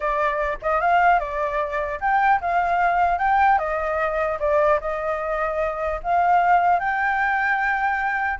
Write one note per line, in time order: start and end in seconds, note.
0.00 0.58 D5
0.62 0.80 D#5
0.80 1.19 F5
1.19 1.99 D5
2.00 2.40 G5
2.40 3.18 F5
3.18 3.58 G5
3.58 4.38 D#5
4.39 4.79 D5
4.80 6.00 D#5
6.03 6.79 F5
6.79 8.39 G5